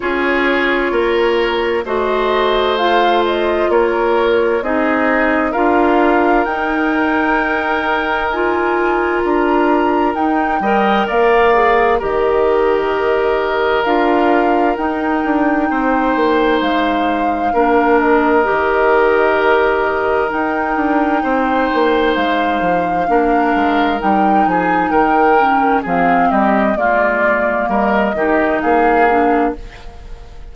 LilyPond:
<<
  \new Staff \with { instrumentName = "flute" } { \time 4/4 \tempo 4 = 65 cis''2 dis''4 f''8 dis''8 | cis''4 dis''4 f''4 g''4~ | g''4 gis''4 ais''4 g''4 | f''4 dis''2 f''4 |
g''2 f''4. dis''8~ | dis''2 g''2 | f''2 g''8 gis''8 g''4 | f''8 dis''8 d''4 dis''4 f''4 | }
  \new Staff \with { instrumentName = "oboe" } { \time 4/4 gis'4 ais'4 c''2 | ais'4 gis'4 ais'2~ | ais'2.~ ais'8 dis''8 | d''4 ais'2.~ |
ais'4 c''2 ais'4~ | ais'2. c''4~ | c''4 ais'4. gis'8 ais'4 | gis'8 g'8 f'4 ais'8 g'8 gis'4 | }
  \new Staff \with { instrumentName = "clarinet" } { \time 4/4 f'2 fis'4 f'4~ | f'4 dis'4 f'4 dis'4~ | dis'4 f'2 dis'8 ais'8~ | ais'8 gis'8 g'2 f'4 |
dis'2. d'4 | g'2 dis'2~ | dis'4 d'4 dis'4. cis'8 | c'4 ais4. dis'4 d'8 | }
  \new Staff \with { instrumentName = "bassoon" } { \time 4/4 cis'4 ais4 a2 | ais4 c'4 d'4 dis'4~ | dis'2 d'4 dis'8 g8 | ais4 dis2 d'4 |
dis'8 d'8 c'8 ais8 gis4 ais4 | dis2 dis'8 d'8 c'8 ais8 | gis8 f8 ais8 gis8 g8 f8 dis4 | f8 g8 gis4 g8 dis8 ais4 | }
>>